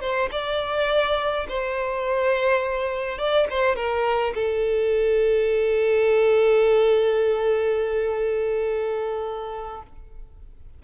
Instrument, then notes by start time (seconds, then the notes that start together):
violin
0.00 C5
0.31 D5
1.48 C5
3.18 D5
3.50 C5
3.76 A#4
4.34 A4